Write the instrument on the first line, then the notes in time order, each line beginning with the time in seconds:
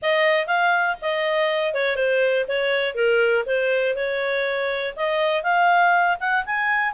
clarinet
0.01 D#5
0.46 F5
1.01 D#5
1.74 C#5
1.95 C5
2.47 C#5
2.94 A#4
3.46 C5
3.95 C#5
4.95 D#5
5.43 F5
6.20 F#5
6.45 G#5